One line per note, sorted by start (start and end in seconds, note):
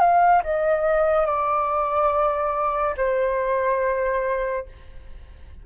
0.00 0.42 F5
0.43 1.26 D#5
1.26 2.95 D5
2.97 4.66 C5